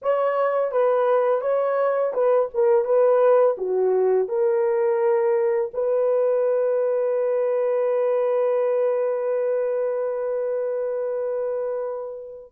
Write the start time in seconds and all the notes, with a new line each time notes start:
0.02 C#5
0.71 B4
1.41 C#5
2.13 B4
2.54 A#4
2.84 B4
3.57 F#4
4.28 A#4
5.73 B4